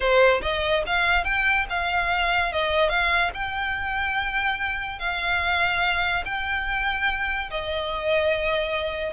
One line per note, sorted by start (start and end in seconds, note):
0.00 0.41 C5
0.42 0.83 D#5
0.86 1.24 F5
1.24 1.66 G5
1.69 2.52 F5
2.52 2.89 D#5
2.89 3.30 F5
3.34 4.99 G5
4.99 6.24 F5
6.25 7.50 G5
7.50 9.13 D#5